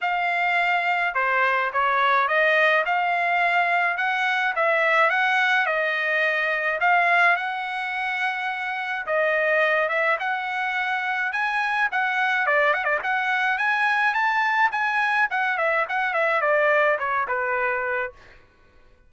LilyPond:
\new Staff \with { instrumentName = "trumpet" } { \time 4/4 \tempo 4 = 106 f''2 c''4 cis''4 | dis''4 f''2 fis''4 | e''4 fis''4 dis''2 | f''4 fis''2. |
dis''4. e''8 fis''2 | gis''4 fis''4 d''8 fis''16 d''16 fis''4 | gis''4 a''4 gis''4 fis''8 e''8 | fis''8 e''8 d''4 cis''8 b'4. | }